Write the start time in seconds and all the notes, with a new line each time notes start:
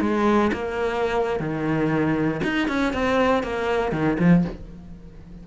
0.00 G#3
0.52 A#3
1.39 D#3
2.43 D#4
2.67 C#4
2.93 C4
3.43 A#3
3.92 D#3
4.19 F3